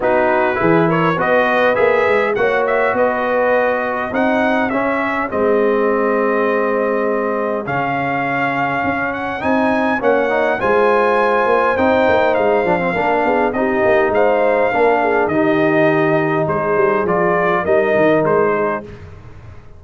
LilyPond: <<
  \new Staff \with { instrumentName = "trumpet" } { \time 4/4 \tempo 4 = 102 b'4. cis''8 dis''4 e''4 | fis''8 e''8 dis''2 fis''4 | e''4 dis''2.~ | dis''4 f''2~ f''8 fis''8 |
gis''4 fis''4 gis''2 | g''4 f''2 dis''4 | f''2 dis''2 | c''4 d''4 dis''4 c''4 | }
  \new Staff \with { instrumentName = "horn" } { \time 4/4 fis'4 gis'8 ais'8 b'2 | cis''4 b'2 gis'4~ | gis'1~ | gis'1~ |
gis'4 cis''4 c''2~ | c''2 ais'8 gis'8 g'4 | c''4 ais'8 gis'8 g'2 | gis'2 ais'4. gis'8 | }
  \new Staff \with { instrumentName = "trombone" } { \time 4/4 dis'4 e'4 fis'4 gis'4 | fis'2. dis'4 | cis'4 c'2.~ | c'4 cis'2. |
dis'4 cis'8 dis'8 f'2 | dis'4. d'16 c'16 d'4 dis'4~ | dis'4 d'4 dis'2~ | dis'4 f'4 dis'2 | }
  \new Staff \with { instrumentName = "tuba" } { \time 4/4 b4 e4 b4 ais8 gis8 | ais4 b2 c'4 | cis'4 gis2.~ | gis4 cis2 cis'4 |
c'4 ais4 gis4. ais8 | c'8 ais8 gis8 f8 ais8 b8 c'8 ais8 | gis4 ais4 dis2 | gis8 g8 f4 g8 dis8 gis4 | }
>>